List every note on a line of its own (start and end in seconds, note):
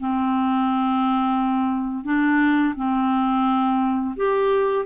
0.00 2.05 C4
2.05 2.74 D4
2.76 4.15 C4
4.16 4.86 G4